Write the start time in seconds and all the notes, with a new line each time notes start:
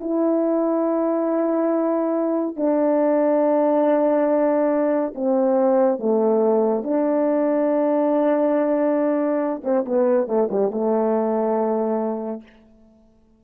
0.00 E4
2.56 D4
5.15 C4
5.99 A3
6.83 D4
9.64 C4
9.85 B3
10.27 A3
10.50 G3
10.71 A3